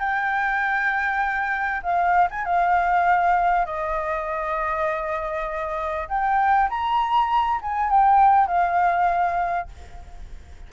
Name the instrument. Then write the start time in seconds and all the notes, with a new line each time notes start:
flute
0.00 G5
1.83 F5
2.31 G#5
2.45 F5
3.66 D#5
6.09 G5
6.70 A#5
7.62 G#5
7.90 G5
8.48 F5